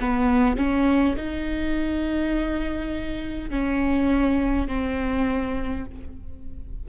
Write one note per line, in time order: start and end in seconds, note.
0.00 0.57 B3
0.57 1.16 C#4
1.17 3.50 D#4
3.50 4.68 C#4
4.68 5.86 C4